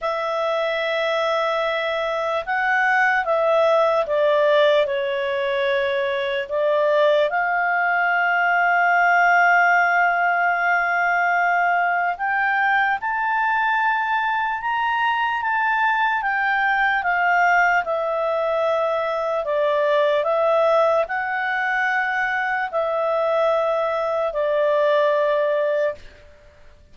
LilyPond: \new Staff \with { instrumentName = "clarinet" } { \time 4/4 \tempo 4 = 74 e''2. fis''4 | e''4 d''4 cis''2 | d''4 f''2.~ | f''2. g''4 |
a''2 ais''4 a''4 | g''4 f''4 e''2 | d''4 e''4 fis''2 | e''2 d''2 | }